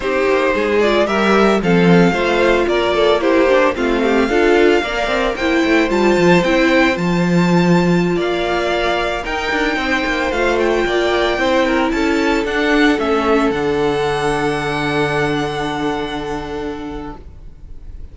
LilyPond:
<<
  \new Staff \with { instrumentName = "violin" } { \time 4/4 \tempo 4 = 112 c''4. d''8 e''4 f''4~ | f''4 d''4 c''4 f''4~ | f''2 g''4 a''4 | g''4 a''2~ a''16 f''8.~ |
f''4~ f''16 g''2 f''8 g''16~ | g''2~ g''16 a''4 fis''8.~ | fis''16 e''4 fis''2~ fis''8.~ | fis''1 | }
  \new Staff \with { instrumentName = "violin" } { \time 4/4 g'4 gis'4 ais'4 a'4 | c''4 ais'8 a'8 g'4 f'8 g'8 | a'4 d''4 c''2~ | c''2.~ c''16 d''8.~ |
d''4~ d''16 ais'4 c''4.~ c''16~ | c''16 d''4 c''8 ais'8 a'4.~ a'16~ | a'1~ | a'1 | }
  \new Staff \with { instrumentName = "viola" } { \time 4/4 dis'4. f'8 g'4 c'4 | f'2 e'8 d'8 c'4 | f'4 ais'4 e'4 f'4 | e'4 f'2.~ |
f'4~ f'16 dis'2 f'8.~ | f'4~ f'16 e'2 d'8.~ | d'16 cis'4 d'2~ d'8.~ | d'1 | }
  \new Staff \with { instrumentName = "cello" } { \time 4/4 c'8 ais8 gis4 g4 f4 | a4 ais2 a4 | d'4 ais8 c'8 ais8 a8 g8 f8 | c'4 f2~ f16 ais8.~ |
ais4~ ais16 dis'8 d'8 c'8 ais8 a8.~ | a16 ais4 c'4 cis'4 d'8.~ | d'16 a4 d2~ d8.~ | d1 | }
>>